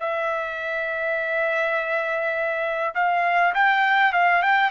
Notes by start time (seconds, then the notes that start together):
0.00 E5
2.95 F5
3.54 G5
4.13 F5
4.42 G5